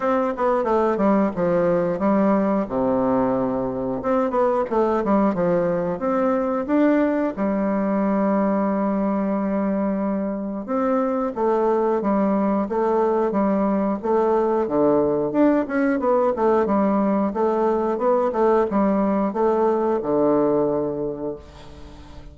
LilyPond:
\new Staff \with { instrumentName = "bassoon" } { \time 4/4 \tempo 4 = 90 c'8 b8 a8 g8 f4 g4 | c2 c'8 b8 a8 g8 | f4 c'4 d'4 g4~ | g1 |
c'4 a4 g4 a4 | g4 a4 d4 d'8 cis'8 | b8 a8 g4 a4 b8 a8 | g4 a4 d2 | }